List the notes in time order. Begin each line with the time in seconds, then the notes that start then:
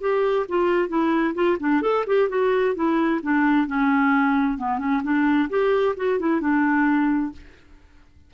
0.00 G4
0.48 F4
0.88 E4
1.34 F4
1.59 D4
1.82 A4
2.06 G4
2.29 F#4
2.74 E4
3.22 D4
3.67 C#4
4.57 B3
4.78 C#4
5.03 D4
5.49 G4
5.96 F#4
6.19 E4
6.40 D4